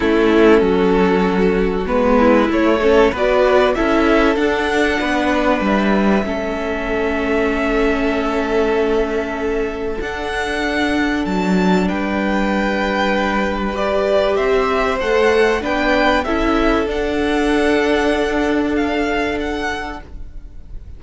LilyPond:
<<
  \new Staff \with { instrumentName = "violin" } { \time 4/4 \tempo 4 = 96 a'2. b'4 | cis''4 d''4 e''4 fis''4~ | fis''4 e''2.~ | e''1 |
fis''2 a''4 g''4~ | g''2 d''4 e''4 | fis''4 g''4 e''4 fis''4~ | fis''2 f''4 fis''4 | }
  \new Staff \with { instrumentName = "violin" } { \time 4/4 e'4 fis'2~ fis'8 e'8~ | e'8 a'8 b'4 a'2 | b'2 a'2~ | a'1~ |
a'2. b'4~ | b'2. c''4~ | c''4 b'4 a'2~ | a'1 | }
  \new Staff \with { instrumentName = "viola" } { \time 4/4 cis'2. b4 | a8 cis'8 fis'4 e'4 d'4~ | d'2 cis'2~ | cis'1 |
d'1~ | d'2 g'2 | a'4 d'4 e'4 d'4~ | d'1 | }
  \new Staff \with { instrumentName = "cello" } { \time 4/4 a4 fis2 gis4 | a4 b4 cis'4 d'4 | b4 g4 a2~ | a1 |
d'2 fis4 g4~ | g2. c'4 | a4 b4 cis'4 d'4~ | d'1 | }
>>